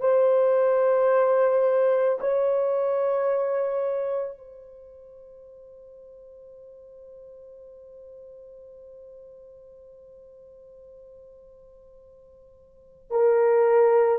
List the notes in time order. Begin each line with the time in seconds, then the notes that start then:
0.00 C5
2.20 C#5
4.37 C5
13.10 A#4